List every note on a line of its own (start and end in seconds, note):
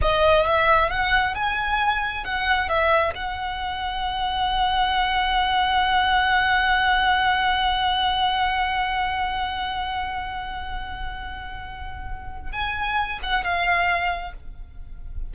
0.01 0.46 D#5
0.46 0.90 E5
0.90 1.34 F#5
1.34 2.24 G#5
2.24 2.68 F#5
2.68 3.13 E5
3.14 12.52 F#5
12.52 13.19 G#5
13.22 13.43 F#5
13.43 14.33 F5